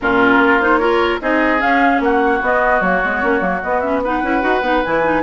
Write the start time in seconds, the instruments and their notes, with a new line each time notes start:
0.00 bassoon A#2, clarinet C#4, oboe F4, flute A#4
0.38 bassoon A#3
0.60 clarinet D#4, flute C5
0.77 clarinet F4, oboe A#4, flute C#5
1.21 bassoon C4, clarinet D#4, oboe G#4, flute D#5
1.59 clarinet C#4, bassoon C#4, flute F5
2.00 bassoon A#3, oboe F#4, flute F#5
2.41 bassoon B3, clarinet B3, flute D#5
2.80 bassoon F#3, clarinet A#3, flute C#5
3.04 bassoon G#3, clarinet B3
3.22 bassoon A#3, clarinet C#4
3.40 bassoon F#3, clarinet A#3
3.62 bassoon B3, clarinet B3, flute D#5
3.80 clarinet C#4, flute E5
4.03 clarinet D#4, oboe B4, flute F#5
4.22 bassoon C#4, clarinet E4
4.41 bassoon D#4, clarinet F#4
4.61 bassoon B3, clarinet D#4
4.84 bassoon E3, clarinet E4, flute G#5
5.03 clarinet D#4